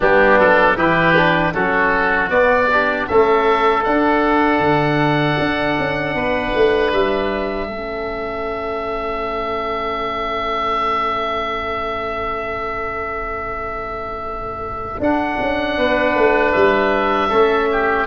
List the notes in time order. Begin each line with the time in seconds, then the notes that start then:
0.00 G3 B3 D4 G4
0.38 F#3 A4
0.75 E3 E4 G4 B4
1.16 D4
1.53 F#3 C#4 F#4 A4
2.29 B3 D5
2.71 D4 G4
3.07 A3 C#4 A4 E5
3.84 D4 F#5
4.59 D3
5.39 D4
5.78 C#4
6.14 B3 B4
6.55 A3
6.92 G3 E5
7.67 A3 C#4 A4
14.99 D4 F#5
15.39 C#4
15.77 B3 B4
16.15 A3
16.52 G3 E5
17.28 A3 C#4 A4
17.71 G4